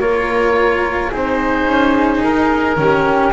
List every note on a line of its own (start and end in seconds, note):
0.00 1.11 A#3
0.00 1.12 F4
0.00 1.10 A#4
0.00 1.11 C#5
1.10 1.66 C4
1.10 2.77 D#4
1.10 2.76 G#4
1.10 2.23 C5
1.66 2.22 C#4
2.23 2.77 D#4
2.23 3.33 A#4
2.77 3.32 D#3
2.77 3.32 C#4
2.77 3.33 G4